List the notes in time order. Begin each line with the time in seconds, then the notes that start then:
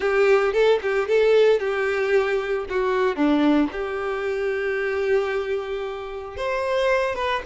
0.00 G4
0.52 A4
0.81 G4
1.08 A4
1.59 G4
2.69 F#4
3.16 D4
3.72 G4
6.36 C5
7.15 B4